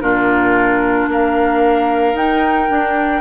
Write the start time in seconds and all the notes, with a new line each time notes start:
0.00 A#2 D4 F4 A#4
1.08 A#3 A#4 F5
2.13 D#4 G5
2.69 D4